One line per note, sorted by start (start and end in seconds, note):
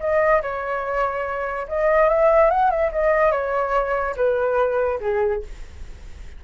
0.00 0.42 D#5
0.42 1.67 C#5
1.68 2.09 D#5
2.09 2.51 E5
2.51 2.70 F#5
2.70 2.91 E5
2.92 3.32 D#5
3.32 4.15 C#5
4.16 5.00 B4
5.01 5.42 G#4